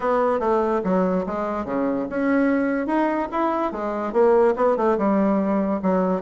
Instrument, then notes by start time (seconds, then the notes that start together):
bassoon
0.00 B3
0.39 A3
0.84 F#3
1.26 G#3
1.65 C#3
2.09 C#4
2.86 D#4
3.31 E4
3.71 G#3
4.12 A#3
4.56 B3
4.76 A3
4.97 G3
5.82 F#3